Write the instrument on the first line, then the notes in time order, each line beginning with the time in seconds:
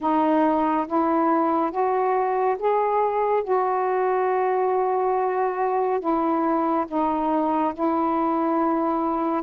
saxophone
0.00 D#4
0.87 E4
1.71 F#4
2.59 G#4
3.43 F#4
6.00 E4
6.88 D#4
7.74 E4